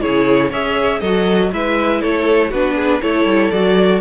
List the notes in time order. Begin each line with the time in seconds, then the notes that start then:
0.00 C#3 E4 G#4 C#5
0.50 C#4 G#4 C#5 E5
1.00 F#3 F#4 A4 D#5
1.52 G#3 E4 B4 E5
2.02 A3 A4 C#5
2.50 B3 D4 F#4 B4
2.75 G#4
3.02 A3 E4 A4 C#5
3.25 G3
3.51 F#3 F#4 D5